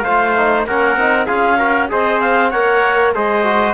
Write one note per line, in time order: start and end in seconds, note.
0.00 0.66 A3
0.00 0.66 C5
0.00 0.62 F5
0.06 0.37 F4
0.37 0.68 D#4
0.66 0.96 A#3
0.66 0.99 C#4
0.66 1.26 A#4
0.66 1.26 F#5
0.96 1.27 C4
0.96 1.28 D#4
1.26 1.91 C#4
1.26 1.59 F4
1.26 1.57 G#4
1.26 1.88 F5
1.58 1.89 F#4
1.58 1.89 A#4
1.89 2.54 C4
1.89 2.51 G#4
1.89 2.51 C5
1.89 2.20 D#5
2.20 2.51 F5
2.51 3.16 A#3
2.51 3.15 A#4
2.51 3.12 C#5
2.51 3.12 F#5
3.15 3.74 G#3
3.15 3.44 G#4
3.15 3.74 C5
3.15 3.74 D#5
3.44 3.74 F#4